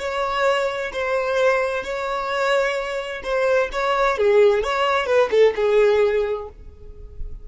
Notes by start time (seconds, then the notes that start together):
0.00 C#5
0.93 C5
1.84 C#5
3.24 C5
3.73 C#5
4.18 G#4
4.64 C#5
5.07 B4
5.31 A4
5.56 G#4